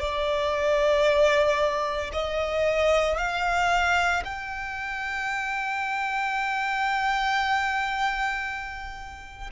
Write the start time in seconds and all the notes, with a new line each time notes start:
0.00 D5
2.12 D#5
3.18 F5
4.24 G5